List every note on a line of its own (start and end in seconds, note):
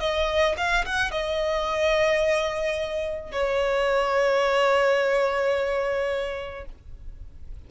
0.00 0.56 D#5
0.57 0.84 F5
0.85 1.11 F#5
1.11 3.31 D#5
3.31 6.65 C#5